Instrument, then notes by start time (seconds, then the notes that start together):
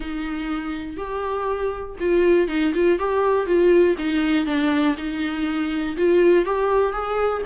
viola
0.00 D#4
0.97 G4
1.99 F4
2.47 D#4
2.74 F4
2.98 G4
3.46 F4
3.97 D#4
4.46 D4
4.97 D#4
5.96 F4
6.45 G4
6.92 G#4